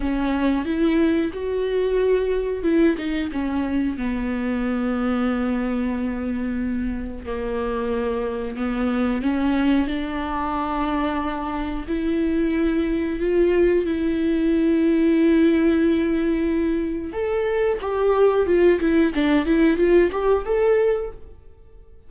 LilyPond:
\new Staff \with { instrumentName = "viola" } { \time 4/4 \tempo 4 = 91 cis'4 e'4 fis'2 | e'8 dis'8 cis'4 b2~ | b2. ais4~ | ais4 b4 cis'4 d'4~ |
d'2 e'2 | f'4 e'2.~ | e'2 a'4 g'4 | f'8 e'8 d'8 e'8 f'8 g'8 a'4 | }